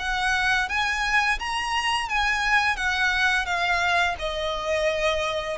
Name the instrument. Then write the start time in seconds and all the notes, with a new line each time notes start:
violin
0.00 F#5
0.69 G#5
1.40 A#5
2.10 G#5
2.77 F#5
3.46 F5
4.20 D#5